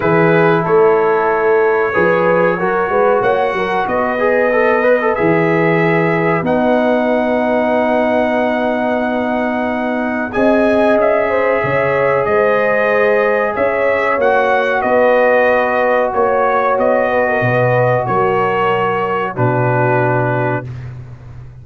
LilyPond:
<<
  \new Staff \with { instrumentName = "trumpet" } { \time 4/4 \tempo 4 = 93 b'4 cis''2.~ | cis''4 fis''4 dis''2 | e''2 fis''2~ | fis''1 |
gis''4 e''2 dis''4~ | dis''4 e''4 fis''4 dis''4~ | dis''4 cis''4 dis''2 | cis''2 b'2 | }
  \new Staff \with { instrumentName = "horn" } { \time 4/4 gis'4 a'2 b'4 | ais'8 b'8 cis''8 ais'8 b'2~ | b'1~ | b'1 |
dis''4. c''8 cis''4 c''4~ | c''4 cis''2 b'4~ | b'4 cis''4. b'16 ais'16 b'4 | ais'2 fis'2 | }
  \new Staff \with { instrumentName = "trombone" } { \time 4/4 e'2. gis'4 | fis'2~ fis'8 gis'8 a'8 b'16 a'16 | gis'2 dis'2~ | dis'1 |
gis'1~ | gis'2 fis'2~ | fis'1~ | fis'2 d'2 | }
  \new Staff \with { instrumentName = "tuba" } { \time 4/4 e4 a2 f4 | fis8 gis8 ais8 fis8 b2 | e2 b2~ | b1 |
c'4 cis'4 cis4 gis4~ | gis4 cis'4 ais4 b4~ | b4 ais4 b4 b,4 | fis2 b,2 | }
>>